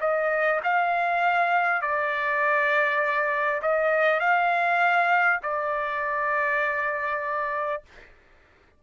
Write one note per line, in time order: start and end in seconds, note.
0.00 0.60 D#5
0.63 1.81 F5
1.81 3.61 D5
3.62 4.20 D#5
4.20 5.40 F5
5.42 7.82 D5